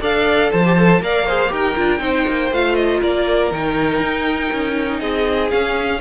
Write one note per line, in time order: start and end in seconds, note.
0.00 0.51 D4
0.00 0.64 A4
0.00 0.50 D5
0.00 0.52 F5
0.51 1.00 F3
0.51 1.01 C5
0.51 1.02 A5
0.66 0.77 G4
0.77 1.02 A4
1.00 1.50 A#3
1.00 1.27 A#4
1.00 1.26 D5
1.00 1.53 F5
1.26 1.49 G#4
1.26 1.51 C5
1.49 1.76 D#4
1.49 1.74 G4
1.49 2.01 A#4
1.55 2.54 G5
1.76 2.00 D4
1.76 1.99 F4
1.99 2.25 C4
1.99 2.49 D#4
1.99 3.00 C5
2.27 2.51 A#3
2.51 3.01 A3
2.51 3.51 F4
2.51 2.75 F5
2.75 3.00 D#5
3.00 3.51 A#3
3.00 4.99 A#4
3.00 3.52 D5
3.51 4.00 D#3
3.51 5.50 D#4
3.51 5.00 G5
4.00 4.50 D#4
4.52 5.01 C#4
4.99 5.51 C4
4.99 5.99 G#4
4.99 5.50 D#5
5.50 6.00 C#4
5.50 6.00 F5